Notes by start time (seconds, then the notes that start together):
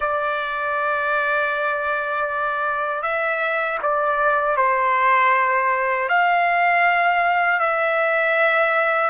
0.00 D5
3.02 E5
3.82 D5
4.56 C5
6.09 F5
7.59 E5